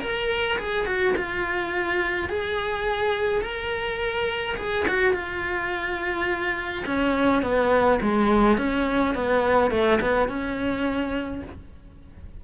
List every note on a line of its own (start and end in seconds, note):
0.00 0.57 A#4
0.58 0.86 G#4
0.86 1.14 F#4
1.16 2.29 F4
2.29 3.41 G#4
3.41 4.56 A#4
4.57 4.85 G#4
4.88 5.13 F#4
5.13 6.84 F4
6.85 7.42 C#4
7.42 7.99 B3
8.01 8.57 G#3
8.57 9.14 C#4
9.15 9.71 B3
9.71 9.99 A3
10.00 10.28 B3
10.28 11.42 C#4